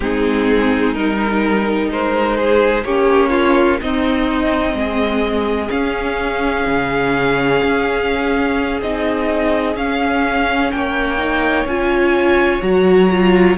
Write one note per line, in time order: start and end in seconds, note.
0.00 0.95 G#3
0.00 0.95 C4
0.00 1.91 D#4
0.00 0.93 G#4
0.93 1.90 G3
0.93 2.85 D#4
0.93 1.89 A#4
1.90 2.84 G#3
1.90 2.36 A#4
1.90 2.84 C5
2.36 2.84 G#4
2.84 3.80 A#3
2.84 3.81 C#4
2.84 3.30 G4
2.84 3.79 C#5
3.30 3.77 F4
3.81 5.69 C4
3.81 4.73 C4
3.81 4.78 D#4
3.81 5.70 D#5
4.73 5.69 G#3
4.73 10.74 G#4
5.69 8.78 C#4
5.69 6.66 C#4
5.69 8.80 F5
6.66 7.62 C#3
7.62 8.81 C#4
8.81 9.76 C4
8.81 9.75 D#4
8.81 9.76 D#5
9.75 11.17 C#4
9.75 10.71 C#4
9.75 10.71 F5
10.71 11.65 A#3
10.71 13.57 C#5
10.71 11.66 G5
11.17 11.65 D#4
11.65 12.60 C#4
11.65 12.61 F4
11.65 12.62 G#5
12.61 13.57 F#3
12.61 13.09 F#4
12.61 13.57 A#5
13.10 13.57 F4